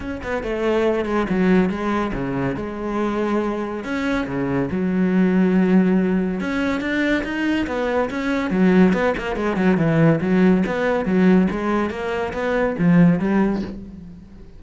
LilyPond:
\new Staff \with { instrumentName = "cello" } { \time 4/4 \tempo 4 = 141 cis'8 b8 a4. gis8 fis4 | gis4 cis4 gis2~ | gis4 cis'4 cis4 fis4~ | fis2. cis'4 |
d'4 dis'4 b4 cis'4 | fis4 b8 ais8 gis8 fis8 e4 | fis4 b4 fis4 gis4 | ais4 b4 f4 g4 | }